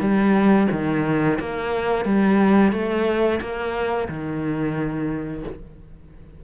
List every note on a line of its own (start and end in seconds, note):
0.00 0.67 G3
0.71 1.39 D#3
1.40 2.05 A#3
2.05 2.72 G3
2.72 3.40 A3
3.40 4.08 A#3
4.09 5.44 D#3